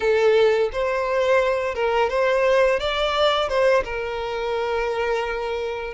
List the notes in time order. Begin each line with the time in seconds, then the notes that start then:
0.00 A4
0.72 C5
1.74 A#4
2.09 C5
2.79 D5
3.49 C5
3.84 A#4